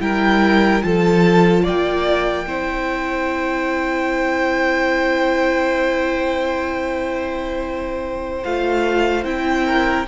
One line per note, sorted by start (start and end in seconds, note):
0.00 0.82 G3
0.00 0.82 E4
0.00 0.84 A#4
0.00 0.82 G5
0.82 1.66 F3
0.82 2.46 F4
0.82 1.62 A4
0.82 1.65 A5
1.62 2.45 D5
1.62 8.43 G5
1.69 2.46 A#3
2.46 8.42 C4
2.46 8.43 E4
2.46 9.65 C5
8.43 9.24 A3
8.43 9.24 F4
8.43 9.24 F5
9.24 10.06 C4
9.24 10.06 E4
9.24 10.06 G5
9.65 10.06 A#4